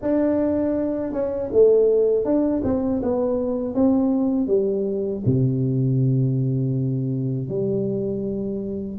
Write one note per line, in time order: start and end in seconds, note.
0.02 1.12 D4
1.12 1.49 C#4
1.51 2.25 A3
2.25 2.62 D4
2.64 3.01 C4
3.02 3.74 B3
3.74 4.47 C4
4.47 5.22 G3
5.25 7.49 C3
7.49 8.98 G3